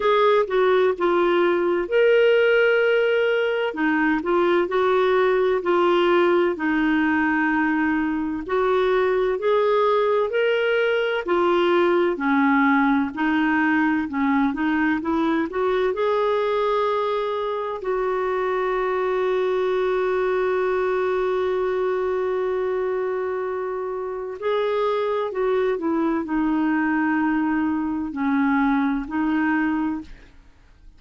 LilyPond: \new Staff \with { instrumentName = "clarinet" } { \time 4/4 \tempo 4 = 64 gis'8 fis'8 f'4 ais'2 | dis'8 f'8 fis'4 f'4 dis'4~ | dis'4 fis'4 gis'4 ais'4 | f'4 cis'4 dis'4 cis'8 dis'8 |
e'8 fis'8 gis'2 fis'4~ | fis'1~ | fis'2 gis'4 fis'8 e'8 | dis'2 cis'4 dis'4 | }